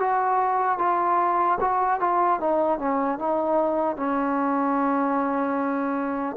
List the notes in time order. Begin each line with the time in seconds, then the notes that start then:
0.00 F#4
0.79 F4
1.61 F#4
2.00 F4
2.40 D#4
2.79 C#4
3.19 D#4
3.97 C#4